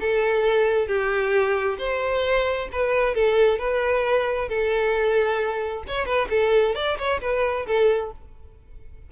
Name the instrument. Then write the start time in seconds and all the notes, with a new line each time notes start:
violin
0.00 A4
0.87 G4
1.78 C5
2.72 B4
3.14 A4
3.58 B4
4.48 A4
5.87 C#5
6.05 B4
6.29 A4
6.75 D5
6.98 C#5
7.21 B4
7.66 A4